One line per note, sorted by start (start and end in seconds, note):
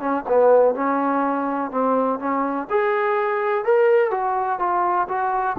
0.00 0.24 C#4
0.29 0.75 B3
0.75 1.71 C#4
1.71 2.20 C4
2.20 2.68 C#4
2.70 3.65 G#4
3.65 4.11 A#4
4.11 4.59 F#4
4.59 5.08 F4
5.09 5.57 F#4